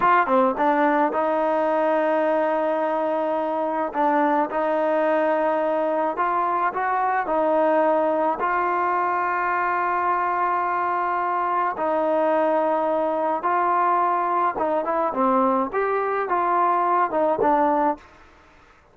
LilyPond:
\new Staff \with { instrumentName = "trombone" } { \time 4/4 \tempo 4 = 107 f'8 c'8 d'4 dis'2~ | dis'2. d'4 | dis'2. f'4 | fis'4 dis'2 f'4~ |
f'1~ | f'4 dis'2. | f'2 dis'8 e'8 c'4 | g'4 f'4. dis'8 d'4 | }